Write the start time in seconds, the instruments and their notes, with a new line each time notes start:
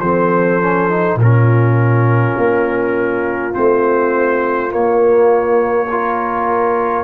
0.00 tuba F3, trombone C4, horn A4, trumpet C5
0.61 trombone C#4
0.89 trombone D#4
1.15 tuba A#2
1.22 trombone C#4, horn F4, trumpet A#4
2.37 tuba A#3
3.52 tuba A3, trombone C4, trumpet C5
4.69 trombone A#3, tuba A#3, trumpet C#5
5.90 trombone F4, horn A#4